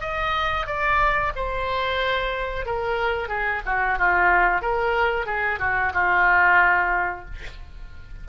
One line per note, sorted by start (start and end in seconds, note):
0.00 0.66 D#5
0.66 1.32 D5
1.35 2.65 C5
2.65 3.28 A#4
3.28 3.61 G#4
3.65 3.98 F#4
3.98 4.61 F4
4.61 5.26 A#4
5.26 5.59 G#4
5.59 5.92 F#4
5.93 7.25 F4